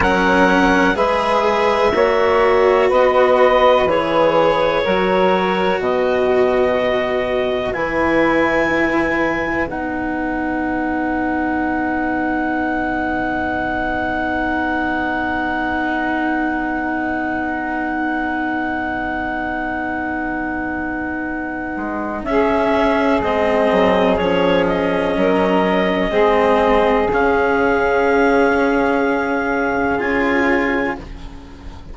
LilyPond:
<<
  \new Staff \with { instrumentName = "clarinet" } { \time 4/4 \tempo 4 = 62 fis''4 e''2 dis''4 | cis''2 dis''2 | gis''2 fis''2~ | fis''1~ |
fis''1~ | fis''2. e''4 | dis''4 cis''8 dis''2~ dis''8 | f''2. gis''4 | }
  \new Staff \with { instrumentName = "saxophone" } { \time 4/4 ais'4 b'4 cis''4 b'4~ | b'4 ais'4 b'2~ | b'1~ | b'1~ |
b'1~ | b'2. gis'4~ | gis'2 ais'4 gis'4~ | gis'1 | }
  \new Staff \with { instrumentName = "cello" } { \time 4/4 cis'4 gis'4 fis'2 | gis'4 fis'2. | e'2 dis'2~ | dis'1~ |
dis'1~ | dis'2. cis'4 | c'4 cis'2 c'4 | cis'2. f'4 | }
  \new Staff \with { instrumentName = "bassoon" } { \time 4/4 fis4 gis4 ais4 b4 | e4 fis4 b,2 | e2 b2~ | b1~ |
b1~ | b2~ b8 gis8 cis'4 | gis8 fis8 f4 fis4 gis4 | cis2. cis'4 | }
>>